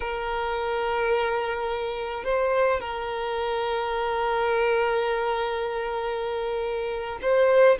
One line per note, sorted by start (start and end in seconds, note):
0.00 2.24 A#4
2.24 2.80 C5
2.80 7.19 A#4
7.22 7.78 C5